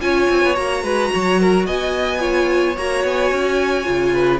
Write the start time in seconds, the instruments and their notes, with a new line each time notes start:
0.00 cello C#4, viola F4, violin C#5 G#5
0.29 cello C4
0.43 cello B3
0.54 cello A#3, viola F#4, violin A#5
0.82 cello G#3, violin B4
1.14 cello F#3, violin C#5
1.40 violin A#4
1.66 cello B3, violin D#5 G#5
2.19 viola F4, violin C#5
2.77 cello A#3, viola F#4, violin A#5
3.04 cello B3, violin G#5
3.31 cello C#4
3.83 cello C#3, viola F4
4.13 violin B4